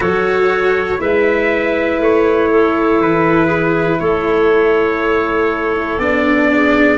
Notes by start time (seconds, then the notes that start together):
0.00 F#3 F#4 A4 C#5
0.97 G#3 E4 B4 E5
1.99 A3 C#5
2.50 A4
2.98 E3 B4
3.46 G#4
4.00 A3 A4 C#5
5.98 B3 D4 D5
6.52 G#4